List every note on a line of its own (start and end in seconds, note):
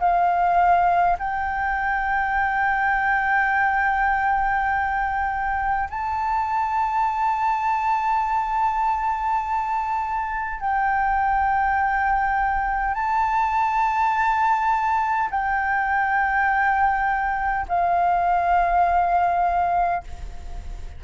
0.00 1.18 F5
1.19 5.90 G5
5.90 10.61 A5
10.61 12.95 G5
12.95 15.30 A5
15.31 17.66 G5
17.69 20.04 F5